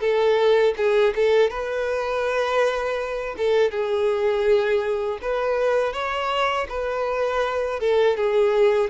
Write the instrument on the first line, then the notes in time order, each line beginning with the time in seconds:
violin
0.00 A4
0.77 G#4
1.15 A4
1.50 B4
3.37 A4
3.71 G#4
5.22 B4
5.93 C#5
6.69 B4
7.80 A4
8.17 G#4